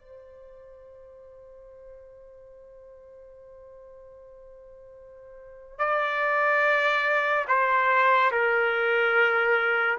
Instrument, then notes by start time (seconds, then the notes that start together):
trumpet
0.00 C5
5.78 D5
7.47 C5
8.31 A#4